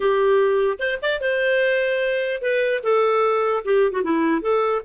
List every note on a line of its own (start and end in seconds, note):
0.00 0.77 G4
0.79 0.99 C5
1.02 1.20 D5
1.20 2.41 C5
2.41 2.82 B4
2.83 3.63 A4
3.64 3.92 G4
3.92 4.02 F#4
4.03 4.41 E4
4.41 4.81 A4